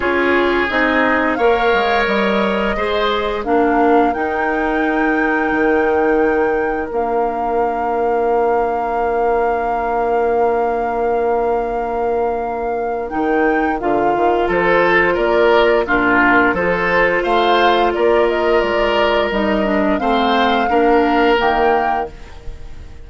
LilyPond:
<<
  \new Staff \with { instrumentName = "flute" } { \time 4/4 \tempo 4 = 87 cis''4 dis''4 f''4 dis''4~ | dis''4 f''4 g''2~ | g''2 f''2~ | f''1~ |
f''2. g''4 | f''4 c''4 d''4 ais'4 | c''4 f''4 d''8 dis''8 d''4 | dis''4 f''2 g''4 | }
  \new Staff \with { instrumentName = "oboe" } { \time 4/4 gis'2 cis''2 | c''4 ais'2.~ | ais'1~ | ais'1~ |
ais'1~ | ais'4 a'4 ais'4 f'4 | a'4 c''4 ais'2~ | ais'4 c''4 ais'2 | }
  \new Staff \with { instrumentName = "clarinet" } { \time 4/4 f'4 dis'4 ais'2 | gis'4 d'4 dis'2~ | dis'2 d'2~ | d'1~ |
d'2. dis'4 | f'2. d'4 | f'1 | dis'8 d'8 c'4 d'4 ais4 | }
  \new Staff \with { instrumentName = "bassoon" } { \time 4/4 cis'4 c'4 ais8 gis8 g4 | gis4 ais4 dis'2 | dis2 ais2~ | ais1~ |
ais2. dis4 | d8 dis8 f4 ais4 ais,4 | f4 a4 ais4 gis4 | g4 a4 ais4 dis4 | }
>>